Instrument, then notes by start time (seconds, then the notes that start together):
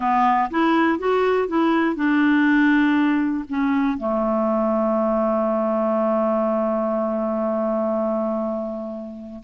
clarinet
0.00 B3
0.50 E4
0.98 F#4
1.47 E4
1.95 D4
3.48 C#4
3.97 A3